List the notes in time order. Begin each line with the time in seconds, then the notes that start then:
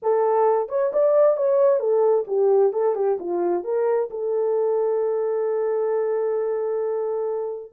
0.02 A4
0.68 C#5
0.93 D5
1.36 C#5
1.79 A4
2.27 G4
2.72 A4
2.95 G4
3.19 F4
3.63 A#4
4.10 A4